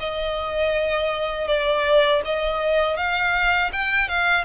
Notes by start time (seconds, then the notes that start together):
0.00 D#5
1.48 D5
2.25 D#5
2.97 F5
3.73 G5
4.09 F5